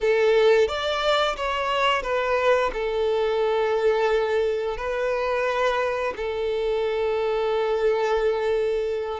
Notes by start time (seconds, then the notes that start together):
0.01 A4
0.68 D5
1.36 C#5
2.02 B4
2.73 A4
4.77 B4
6.16 A4